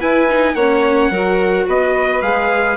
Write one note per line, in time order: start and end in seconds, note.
0.00 0.28 E4
0.00 0.55 E4
0.00 0.56 B4
0.00 0.56 G#5
0.30 0.58 D#4
0.55 1.11 A#3
0.55 1.13 C#4
0.55 1.11 C#5
0.55 1.67 F#5
1.11 1.66 F#3
1.11 2.23 F#4
1.11 1.67 A#4
1.68 2.22 B3
1.68 2.77 B4
1.68 2.22 D#5
2.22 2.77 G#3
2.22 2.77 G#4
2.22 2.77 F5